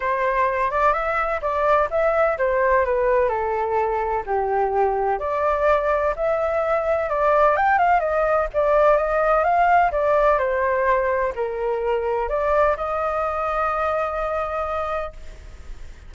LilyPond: \new Staff \with { instrumentName = "flute" } { \time 4/4 \tempo 4 = 127 c''4. d''8 e''4 d''4 | e''4 c''4 b'4 a'4~ | a'4 g'2 d''4~ | d''4 e''2 d''4 |
g''8 f''8 dis''4 d''4 dis''4 | f''4 d''4 c''2 | ais'2 d''4 dis''4~ | dis''1 | }